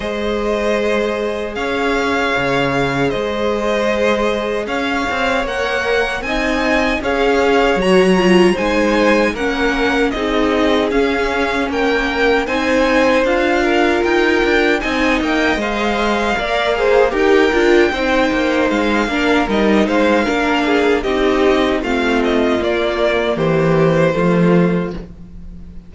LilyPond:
<<
  \new Staff \with { instrumentName = "violin" } { \time 4/4 \tempo 4 = 77 dis''2 f''2 | dis''2 f''4 fis''4 | gis''4 f''4 ais''4 gis''4 | fis''4 dis''4 f''4 g''4 |
gis''4 f''4 g''4 gis''8 g''8 | f''2 g''2 | f''4 dis''8 f''4. dis''4 | f''8 dis''8 d''4 c''2 | }
  \new Staff \with { instrumentName = "violin" } { \time 4/4 c''2 cis''2 | c''2 cis''2 | dis''4 cis''2 c''4 | ais'4 gis'2 ais'4 |
c''4. ais'4. dis''4~ | dis''4 d''8 c''8 ais'4 c''4~ | c''8 ais'4 c''8 ais'8 gis'8 g'4 | f'2 g'4 f'4 | }
  \new Staff \with { instrumentName = "viola" } { \time 4/4 gis'1~ | gis'2. ais'4 | dis'4 gis'4 fis'8 f'8 dis'4 | cis'4 dis'4 cis'2 |
dis'4 f'2 dis'4 | c''4 ais'8 gis'8 g'8 f'8 dis'4~ | dis'8 d'8 dis'4 d'4 dis'4 | c'4 ais2 a4 | }
  \new Staff \with { instrumentName = "cello" } { \time 4/4 gis2 cis'4 cis4 | gis2 cis'8 c'8 ais4 | c'4 cis'4 fis4 gis4 | ais4 c'4 cis'4 ais4 |
c'4 d'4 dis'8 d'8 c'8 ais8 | gis4 ais4 dis'8 d'8 c'8 ais8 | gis8 ais8 g8 gis8 ais4 c'4 | a4 ais4 e4 f4 | }
>>